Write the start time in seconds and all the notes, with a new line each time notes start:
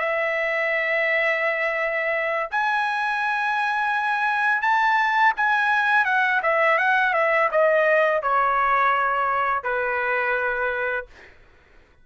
0.00 E5
2.51 G#5
4.62 A5
5.37 G#5
6.06 F#5
6.43 E5
6.79 F#5
7.14 E5
7.52 D#5
8.22 C#5
9.64 B4